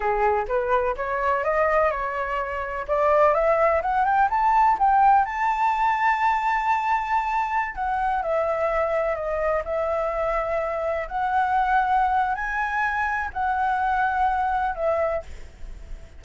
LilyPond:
\new Staff \with { instrumentName = "flute" } { \time 4/4 \tempo 4 = 126 gis'4 b'4 cis''4 dis''4 | cis''2 d''4 e''4 | fis''8 g''8 a''4 g''4 a''4~ | a''1~ |
a''16 fis''4 e''2 dis''8.~ | dis''16 e''2. fis''8.~ | fis''2 gis''2 | fis''2. e''4 | }